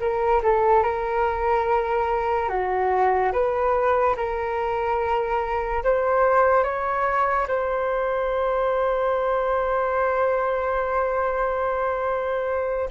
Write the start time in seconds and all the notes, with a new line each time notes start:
0.00 A#4
0.43 A4
0.83 A#4
2.49 F#4
3.33 B4
4.17 A#4
5.84 C5
6.64 C#5
7.48 C5